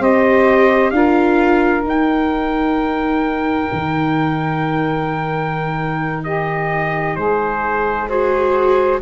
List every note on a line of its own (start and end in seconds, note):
0.00 0.92 C4
0.00 0.94 G4
0.00 0.92 C5
0.00 0.91 D#5
0.91 1.84 D4
0.91 1.83 F4
0.91 6.25 A#4
0.91 1.83 F5
1.83 8.06 D#4
1.83 3.69 D#4
1.83 6.24 G5
3.73 7.17 D#3
6.24 7.17 G4
6.24 7.16 D#5
7.16 9.02 G#3
7.16 8.08 G#4
7.16 8.08 C5
8.08 9.01 F#4
8.08 9.02 G#4
8.08 9.01 C5